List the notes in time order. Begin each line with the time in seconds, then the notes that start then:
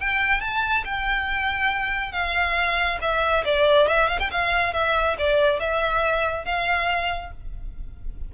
0.00 G5
0.41 A5
0.84 G5
2.12 F5
3.01 E5
3.45 D5
3.88 E5
4.08 F5
4.19 G5
4.31 F5
4.73 E5
5.18 D5
5.60 E5
6.45 F5